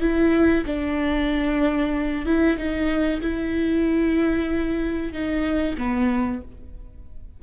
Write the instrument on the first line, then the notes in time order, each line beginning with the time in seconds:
viola
0.00 E4
0.66 D4
2.25 E4
2.57 D#4
3.21 E4
5.12 D#4
5.77 B3